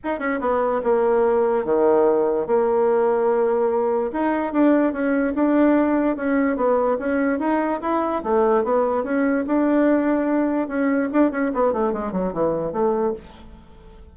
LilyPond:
\new Staff \with { instrumentName = "bassoon" } { \time 4/4 \tempo 4 = 146 dis'8 cis'8 b4 ais2 | dis2 ais2~ | ais2 dis'4 d'4 | cis'4 d'2 cis'4 |
b4 cis'4 dis'4 e'4 | a4 b4 cis'4 d'4~ | d'2 cis'4 d'8 cis'8 | b8 a8 gis8 fis8 e4 a4 | }